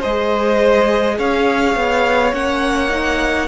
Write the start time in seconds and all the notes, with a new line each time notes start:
0.00 G#3 G#4 C5 D#5
1.19 C#4 C#5 F5
1.75 B3
2.33 A#3 C#4 F#5
2.89 D#4